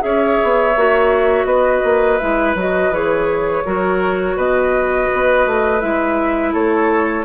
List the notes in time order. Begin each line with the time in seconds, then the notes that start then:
0.00 C#4 G#4 C#5 E5
0.43 B3
0.75 A#3 F#4
1.45 B3 B4 D#5
1.84 A#3
2.18 G#3 E4 E5
2.55 F#3 F#4 D#5
2.90 E3 G#4 C#5
3.65 F#3 F#4 A#4
4.36 B2 B4 D#5
5.13 B3
5.46 A3
5.80 G#3 E4 E5
6.53 A3 A4 C#5